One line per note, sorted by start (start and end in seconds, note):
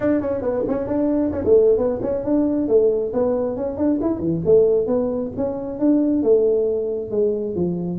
0.00 0.20 D4
0.20 0.41 C#4
0.41 0.64 B3
0.67 0.87 C#4
0.87 1.31 D4
1.32 1.43 C#4
1.44 1.77 A3
1.77 1.99 B3
2.02 2.23 C#4
2.23 2.68 D4
2.68 3.12 A3
3.13 3.56 B3
3.56 3.77 C#4
3.77 3.99 D4
4.01 4.19 E4
4.19 4.41 E3
4.45 4.86 A3
4.86 5.31 B3
5.37 5.79 C#4
5.79 6.22 D4
6.22 7.11 A3
7.11 7.55 G#3
7.55 7.98 F3